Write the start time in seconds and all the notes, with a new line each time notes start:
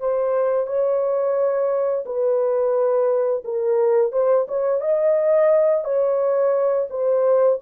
0.00 C5
0.67 C#5
2.06 B4
3.45 A#4
4.12 C5
4.48 C#5
4.81 D#5
5.85 C#5
6.90 C5